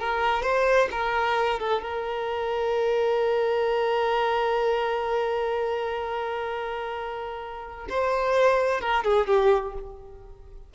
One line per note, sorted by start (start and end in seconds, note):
0.00 0.43 A#4
0.43 0.89 C5
0.92 1.60 A#4
1.60 1.83 A4
1.83 7.88 A#4
7.90 8.81 C5
8.81 9.04 A#4
9.04 9.28 G#4
9.28 9.74 G4